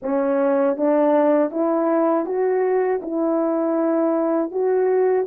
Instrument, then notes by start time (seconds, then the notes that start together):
horn
0.02 C#4
0.76 D4
1.50 E4
2.25 F#4
3.02 E4
4.51 F#4